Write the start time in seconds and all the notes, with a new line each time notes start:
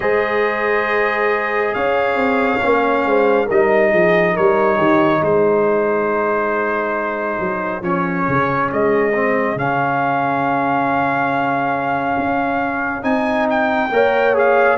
0.00 G#3 G#4 C5 D#5
1.74 C#4 C#5 F5
2.14 C4
2.61 A#3 C#4
3.05 G#3 C5
3.46 G3 D#4 A#4 D#5
3.91 F3 G#4
4.33 G3 A#4 C#5
4.77 D#3 G4
5.19 G#3 G#4 C5
7.39 F#3
7.81 F3 C#4 C#5
8.28 C#3
8.72 G#3 D#5
9.13 C4
9.55 C#3 C#4 F5
12.18 C#4
13.02 C4 D#4 G#5
13.50 G5
13.91 A#3 A#4 C#5
14.34 G#4 F5